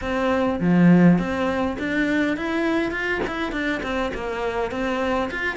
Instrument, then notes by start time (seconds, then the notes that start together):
cello
0.01 C4
0.60 F3
1.18 C4
1.78 D4
2.36 E4
2.91 F4
3.27 E4
3.52 D4
3.82 C4
4.13 A#3
4.71 C4
5.30 F4